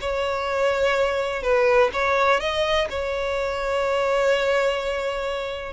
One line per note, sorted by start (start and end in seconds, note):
0.00 1.42 C#5
1.42 1.90 B4
1.93 2.40 C#5
2.40 2.88 D#5
2.89 5.72 C#5